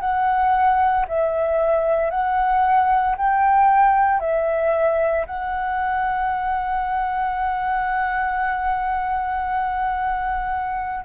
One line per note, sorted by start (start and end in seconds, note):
0.00 1.05 F#5
1.08 2.10 E5
2.10 3.15 F#5
3.17 4.20 G5
4.20 5.25 E5
5.26 11.05 F#5